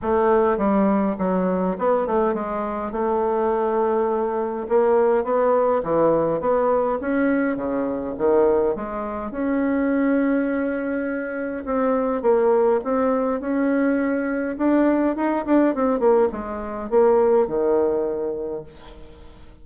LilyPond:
\new Staff \with { instrumentName = "bassoon" } { \time 4/4 \tempo 4 = 103 a4 g4 fis4 b8 a8 | gis4 a2. | ais4 b4 e4 b4 | cis'4 cis4 dis4 gis4 |
cis'1 | c'4 ais4 c'4 cis'4~ | cis'4 d'4 dis'8 d'8 c'8 ais8 | gis4 ais4 dis2 | }